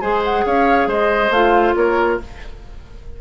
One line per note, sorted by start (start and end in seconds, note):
0.00 0.45 G#3
0.00 1.31 G#4
0.00 0.44 C5
0.00 0.22 G#5
0.24 0.46 F#5
0.46 0.87 C#4
0.46 0.88 C#5
0.46 0.90 F5
0.87 1.30 G#3
0.87 1.75 C5
0.87 1.32 D#5
1.30 1.73 A3
1.30 2.21 F4
1.30 1.76 F5
1.76 2.19 A#3
1.76 2.20 A#4
1.76 2.19 C#5